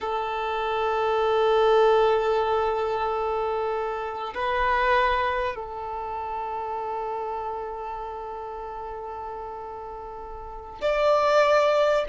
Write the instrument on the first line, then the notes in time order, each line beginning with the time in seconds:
violin
0.00 A4
4.34 B4
5.55 A4
10.81 D5